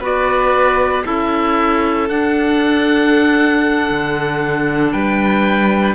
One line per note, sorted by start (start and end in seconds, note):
0.00 1.04 B3
0.00 1.04 F#4
0.00 1.03 B4
0.00 1.06 D5
1.04 2.09 C#4
1.04 2.07 E4
1.04 4.92 A4
1.04 2.09 E5
2.09 3.90 D4
2.09 5.95 D4
2.09 4.92 F#5
3.90 4.93 D3
4.92 5.95 G3
4.92 5.95 B4
4.92 5.95 G5